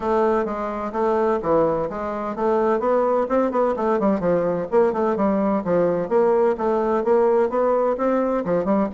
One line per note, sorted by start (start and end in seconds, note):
0.00 0.45 A3
0.45 0.92 G#3
0.92 1.39 A3
1.42 1.89 E3
1.89 2.35 G#3
2.35 2.79 A3
2.79 3.26 B3
3.28 3.51 C4
3.51 3.74 B3
3.76 3.99 A3
3.99 4.20 G3
4.20 4.66 F3
4.71 4.92 A#3
4.92 5.16 A3
5.16 5.63 G3
5.64 6.09 F3
6.09 6.55 A#3
6.57 7.04 A3
7.04 7.49 A#3
7.49 7.96 B3
7.97 8.44 C4
8.44 8.64 F3
8.64 8.88 G3